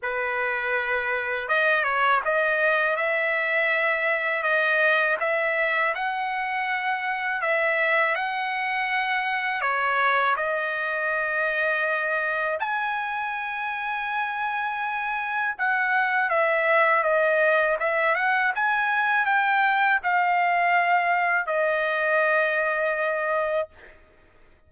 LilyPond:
\new Staff \with { instrumentName = "trumpet" } { \time 4/4 \tempo 4 = 81 b'2 dis''8 cis''8 dis''4 | e''2 dis''4 e''4 | fis''2 e''4 fis''4~ | fis''4 cis''4 dis''2~ |
dis''4 gis''2.~ | gis''4 fis''4 e''4 dis''4 | e''8 fis''8 gis''4 g''4 f''4~ | f''4 dis''2. | }